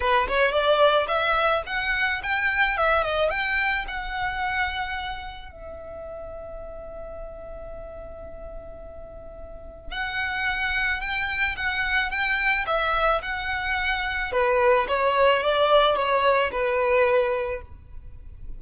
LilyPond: \new Staff \with { instrumentName = "violin" } { \time 4/4 \tempo 4 = 109 b'8 cis''8 d''4 e''4 fis''4 | g''4 e''8 dis''8 g''4 fis''4~ | fis''2 e''2~ | e''1~ |
e''2 fis''2 | g''4 fis''4 g''4 e''4 | fis''2 b'4 cis''4 | d''4 cis''4 b'2 | }